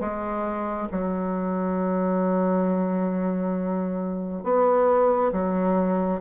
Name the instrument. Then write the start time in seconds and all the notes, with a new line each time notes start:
bassoon
0.00 G#3
0.92 F#3
4.44 B3
5.33 F#3